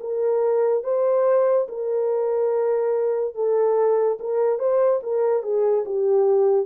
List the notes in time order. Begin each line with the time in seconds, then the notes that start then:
0.00 A#4
0.83 C5
1.68 A#4
3.34 A4
4.19 A#4
4.58 C5
5.03 A#4
5.42 G#4
5.85 G4